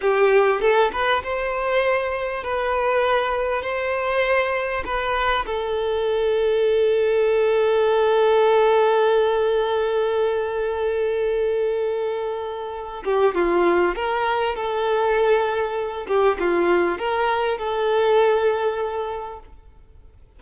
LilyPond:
\new Staff \with { instrumentName = "violin" } { \time 4/4 \tempo 4 = 99 g'4 a'8 b'8 c''2 | b'2 c''2 | b'4 a'2.~ | a'1~ |
a'1~ | a'4. g'8 f'4 ais'4 | a'2~ a'8 g'8 f'4 | ais'4 a'2. | }